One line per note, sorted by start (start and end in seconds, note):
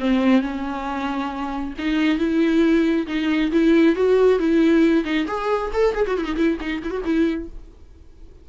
0.00 0.42 C4
0.42 1.74 C#4
1.78 2.18 D#4
2.18 3.07 E4
3.07 3.51 D#4
3.52 3.96 E4
3.96 4.39 F#4
4.39 5.05 E4
5.05 5.27 D#4
5.27 5.72 G#4
5.74 5.95 A4
5.95 6.06 G#4
6.07 6.18 F#4
6.18 6.25 E4
6.25 6.36 D#4
6.36 6.58 E4
6.61 6.83 D#4
6.84 6.91 E4
6.91 7.02 F#4
7.05 7.49 E4